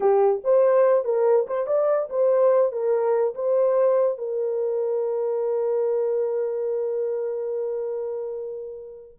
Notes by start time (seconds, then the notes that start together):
0.00 G4
0.44 C5
1.04 A#4
1.47 C5
1.67 D5
2.09 C5
2.71 A#4
3.34 C5
4.18 A#4